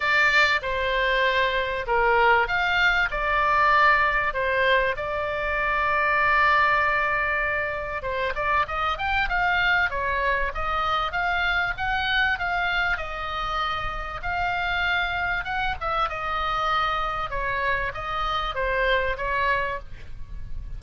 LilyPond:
\new Staff \with { instrumentName = "oboe" } { \time 4/4 \tempo 4 = 97 d''4 c''2 ais'4 | f''4 d''2 c''4 | d''1~ | d''4 c''8 d''8 dis''8 g''8 f''4 |
cis''4 dis''4 f''4 fis''4 | f''4 dis''2 f''4~ | f''4 fis''8 e''8 dis''2 | cis''4 dis''4 c''4 cis''4 | }